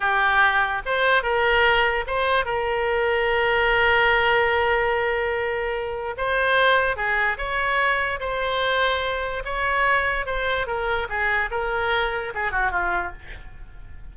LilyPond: \new Staff \with { instrumentName = "oboe" } { \time 4/4 \tempo 4 = 146 g'2 c''4 ais'4~ | ais'4 c''4 ais'2~ | ais'1~ | ais'2. c''4~ |
c''4 gis'4 cis''2 | c''2. cis''4~ | cis''4 c''4 ais'4 gis'4 | ais'2 gis'8 fis'8 f'4 | }